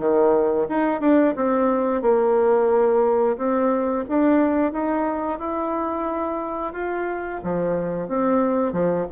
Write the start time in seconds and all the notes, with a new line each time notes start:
0.00 D#3
0.69 D#4
1.01 D4
1.36 C4
2.03 A#3
3.38 C4
4.09 D4
4.73 D#4
5.40 E4
6.74 F4
7.44 F3
8.09 C4
8.73 F3